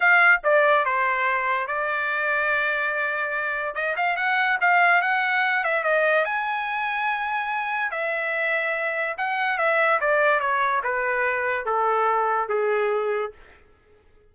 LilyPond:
\new Staff \with { instrumentName = "trumpet" } { \time 4/4 \tempo 4 = 144 f''4 d''4 c''2 | d''1~ | d''4 dis''8 f''8 fis''4 f''4 | fis''4. e''8 dis''4 gis''4~ |
gis''2. e''4~ | e''2 fis''4 e''4 | d''4 cis''4 b'2 | a'2 gis'2 | }